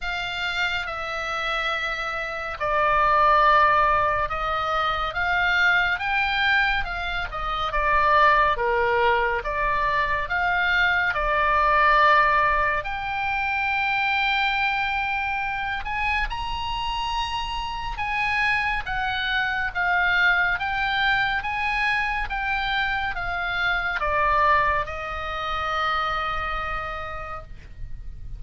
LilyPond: \new Staff \with { instrumentName = "oboe" } { \time 4/4 \tempo 4 = 70 f''4 e''2 d''4~ | d''4 dis''4 f''4 g''4 | f''8 dis''8 d''4 ais'4 d''4 | f''4 d''2 g''4~ |
g''2~ g''8 gis''8 ais''4~ | ais''4 gis''4 fis''4 f''4 | g''4 gis''4 g''4 f''4 | d''4 dis''2. | }